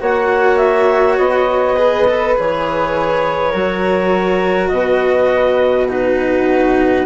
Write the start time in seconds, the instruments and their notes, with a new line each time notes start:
0.00 bassoon A#3, cello F#4, flute C#5, clarinet F#5
0.57 clarinet E5
1.17 bassoon B3, clarinet D#5
1.75 cello G#4, flute B4
2.07 cello A4
2.36 bassoon E3, cello G#4, clarinet C#5
3.51 bassoon F#3, cello F#4, flute A#4
4.68 bassoon B2, flute B4, clarinet D#5
5.88 cello D#4, flute F#4, clarinet B4